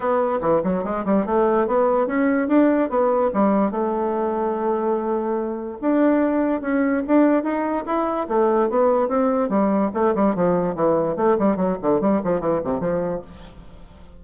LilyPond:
\new Staff \with { instrumentName = "bassoon" } { \time 4/4 \tempo 4 = 145 b4 e8 fis8 gis8 g8 a4 | b4 cis'4 d'4 b4 | g4 a2.~ | a2 d'2 |
cis'4 d'4 dis'4 e'4 | a4 b4 c'4 g4 | a8 g8 f4 e4 a8 g8 | fis8 d8 g8 f8 e8 c8 f4 | }